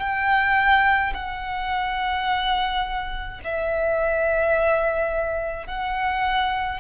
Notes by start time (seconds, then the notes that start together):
0.00 G5
1.14 F#5
3.44 E5
5.67 F#5